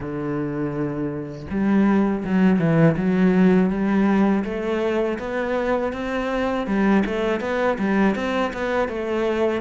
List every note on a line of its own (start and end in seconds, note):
0.00 1.46 D3
1.50 2.24 G3
2.25 2.59 F#3
2.59 2.96 E3
2.96 3.69 F#3
3.69 4.43 G3
4.44 5.18 A3
5.19 5.93 B3
5.93 6.66 C4
6.66 7.03 G3
7.05 7.40 A3
7.40 7.77 B3
7.78 8.15 G3
8.15 8.52 C4
8.53 8.88 B3
8.88 9.61 A3